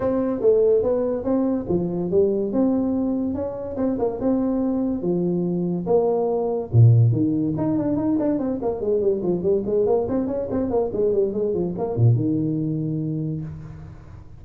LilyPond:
\new Staff \with { instrumentName = "tuba" } { \time 4/4 \tempo 4 = 143 c'4 a4 b4 c'4 | f4 g4 c'2 | cis'4 c'8 ais8 c'2 | f2 ais2 |
ais,4 dis4 dis'8 d'8 dis'8 d'8 | c'8 ais8 gis8 g8 f8 g8 gis8 ais8 | c'8 cis'8 c'8 ais8 gis8 g8 gis8 f8 | ais8 ais,8 dis2. | }